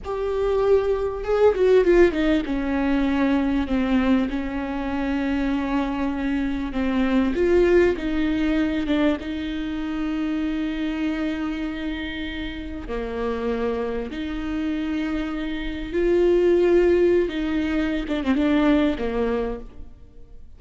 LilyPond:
\new Staff \with { instrumentName = "viola" } { \time 4/4 \tempo 4 = 98 g'2 gis'8 fis'8 f'8 dis'8 | cis'2 c'4 cis'4~ | cis'2. c'4 | f'4 dis'4. d'8 dis'4~ |
dis'1~ | dis'4 ais2 dis'4~ | dis'2 f'2~ | f'16 dis'4~ dis'16 d'16 c'16 d'4 ais4 | }